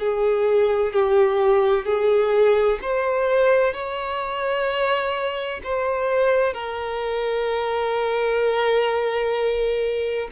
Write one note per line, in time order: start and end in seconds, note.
0.00 0.93 G#4
0.93 1.86 G4
1.86 2.80 G#4
2.82 3.74 C5
3.74 5.62 C#5
5.64 6.54 C5
6.54 10.29 A#4